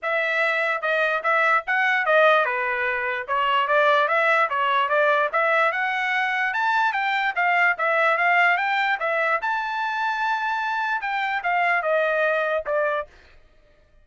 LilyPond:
\new Staff \with { instrumentName = "trumpet" } { \time 4/4 \tempo 4 = 147 e''2 dis''4 e''4 | fis''4 dis''4 b'2 | cis''4 d''4 e''4 cis''4 | d''4 e''4 fis''2 |
a''4 g''4 f''4 e''4 | f''4 g''4 e''4 a''4~ | a''2. g''4 | f''4 dis''2 d''4 | }